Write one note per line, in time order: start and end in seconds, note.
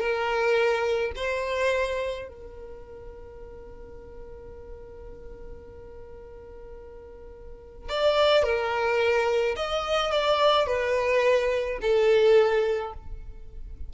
0.00 1.12 A#4
1.16 2.28 C5
2.29 7.89 A#4
7.90 8.44 D5
8.44 9.56 A#4
9.57 10.12 D#5
10.12 10.67 D5
10.67 11.79 B4
11.82 12.94 A4